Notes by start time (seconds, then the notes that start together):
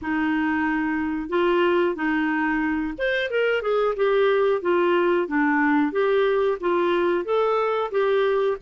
0.01 D#4
1.29 F4
1.95 D#4
2.98 C5
3.30 A#4
3.61 G#4
3.96 G4
4.61 F4
5.27 D4
5.92 G4
6.60 F4
7.24 A4
7.91 G4